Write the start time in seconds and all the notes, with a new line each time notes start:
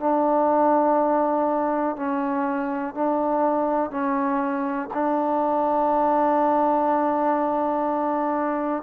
0.00 D4
1.96 C#4
2.95 D4
3.91 C#4
4.94 D4